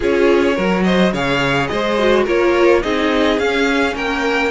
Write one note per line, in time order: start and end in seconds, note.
0.00 0.57 C#4
0.00 0.54 F4
0.00 0.55 G#4
0.00 0.83 C#5
0.55 1.12 F#3
0.55 1.12 F#4
0.55 0.83 A#4
0.83 1.12 C5
0.83 1.11 D#5
1.12 1.69 C#3
1.12 1.98 G#4
1.12 1.69 C#5
1.12 1.67 F5
1.67 2.27 G#3
1.67 2.23 C5
1.67 2.24 D#5
1.98 2.26 F#4
2.23 2.83 A#3
2.23 2.82 F4
2.23 2.80 A#4
2.23 2.82 C#5
2.82 3.38 C4
2.82 3.39 D#4
2.82 3.95 G#4
2.82 3.39 D#5
3.38 3.95 C#4
3.38 4.50 C#4
3.38 3.95 F5
3.95 4.50 A#3
3.95 4.50 A#4
3.95 4.50 G5